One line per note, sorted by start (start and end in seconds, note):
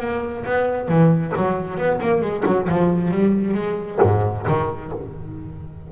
0.00 0.44 A#3
0.45 0.88 B3
0.88 1.33 E3
1.37 1.77 F#3
1.77 2.00 B3
2.01 2.21 A#3
2.21 2.44 G#3
2.46 2.68 F#3
2.69 3.11 F3
3.11 3.54 G3
3.54 3.99 G#3
4.02 4.47 G#2
4.47 4.92 D#3